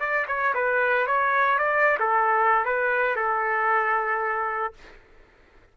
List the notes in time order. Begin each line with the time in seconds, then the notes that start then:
0.00 D5
0.28 C#5
0.55 B4
1.07 C#5
1.59 D5
2.00 A4
2.66 B4
3.16 A4